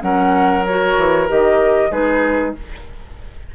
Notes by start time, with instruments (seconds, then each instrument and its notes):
0.00 bassoon F#3, clarinet C#4, oboe A#4, flute F#5
0.66 clarinet F#4, flute C#5
0.97 bassoon E3
1.27 bassoon D#3, clarinet G4, flute D#5
1.91 bassoon G#3, clarinet D#4, oboe G#4, flute B4